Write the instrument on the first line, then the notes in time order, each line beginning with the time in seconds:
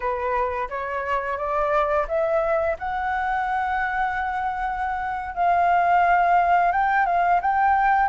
flute
0.00 B4
0.69 C#5
1.37 D5
2.08 E5
2.78 F#5
5.34 F5
6.71 G5
7.05 F5
7.41 G5